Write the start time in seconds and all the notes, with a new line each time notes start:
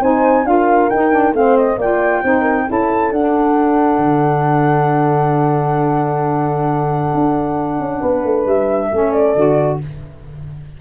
0.00 C4 D#4 C5 G#5
0.44 D4 F4 A#4 F5
0.89 D#4 G5
1.11 D4
1.33 A3 C4 C5 F5
1.57 D#5
1.78 A#3 F4 D5 G5
2.24 C4 D#4 C5
2.42 A#4
2.67 C#4 E4 A4 A5
3.11 D4 F#5
3.98 D3
7.14 D4
7.79 C#4
7.99 B3 B4
8.24 A3
8.46 G3 E5
8.90 A3 C#4 A4
9.12 D5
9.36 D3 F#4